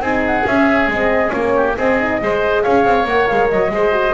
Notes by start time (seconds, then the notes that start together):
0.00 C4 D#4 G#4 G#5
0.26 F#5
0.46 C#4 E5
0.87 G#3 C4 D#5
1.30 A#3 C#4 C#5
1.56 G4
1.77 C4 G#4 D#5
2.00 D#4
2.21 G#3 G#4 C5
2.63 C#4 C#5 F5
2.85 C4
3.04 A#3 A#4 F#5
3.27 G#3 F5
3.49 F#3 D#5
3.70 G#3 G#4 C5
3.92 F#4